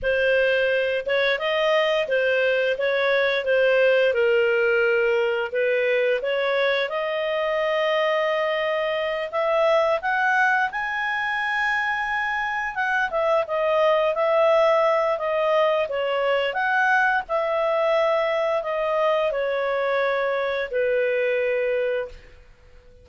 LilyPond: \new Staff \with { instrumentName = "clarinet" } { \time 4/4 \tempo 4 = 87 c''4. cis''8 dis''4 c''4 | cis''4 c''4 ais'2 | b'4 cis''4 dis''2~ | dis''4. e''4 fis''4 gis''8~ |
gis''2~ gis''8 fis''8 e''8 dis''8~ | dis''8 e''4. dis''4 cis''4 | fis''4 e''2 dis''4 | cis''2 b'2 | }